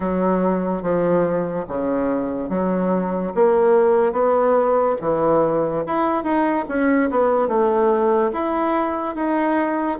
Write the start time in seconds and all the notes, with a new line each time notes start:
0.00 F#3
0.82 F3
1.68 C#3
2.49 F#3
3.34 A#3
4.12 B3
5.00 E3
5.86 E4
6.23 D#4
6.68 C#4
7.10 B3
7.48 A3
8.32 E4
9.15 D#4